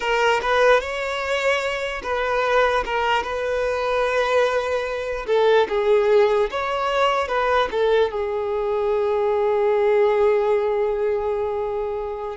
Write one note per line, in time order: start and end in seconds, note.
0.00 0.41 A#4
0.42 0.80 B4
0.80 2.02 C#5
2.02 2.83 B4
2.85 3.23 A#4
3.23 5.26 B4
5.27 5.67 A4
5.68 6.49 G#4
6.50 7.28 C#5
7.28 7.68 B4
7.71 8.11 A4
8.11 12.36 G#4